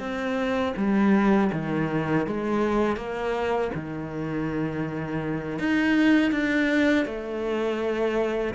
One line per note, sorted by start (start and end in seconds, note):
0.00 0.74 C4
0.77 1.51 G3
1.53 2.27 D#3
2.27 2.97 G#3
2.97 3.71 A#3
3.75 5.59 D#3
5.59 6.32 D#4
6.32 7.06 D4
7.06 8.55 A3